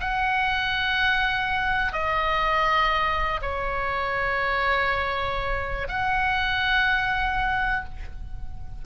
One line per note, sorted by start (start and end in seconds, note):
0.00 1.92 F#5
1.92 3.40 D#5
3.42 5.87 C#5
5.88 7.85 F#5